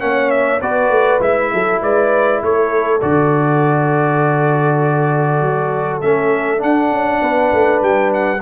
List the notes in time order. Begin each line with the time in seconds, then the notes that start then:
0.00 A#3 C#4 C#5 F#5
0.30 E5
0.61 B3 F#4 B4 D5
0.90 A3
1.21 G#3 E4 E5
1.54 F#3 A4
1.82 G#3 B4 D5
2.43 A3 A4 C#5
3.02 D3 F#4 D5
5.41 F#3
6.02 A3 C#4 E5
6.58 D4 F#5
6.92 C#4
7.22 B3 B4
7.53 A3
7.82 G3 G5
8.14 F#5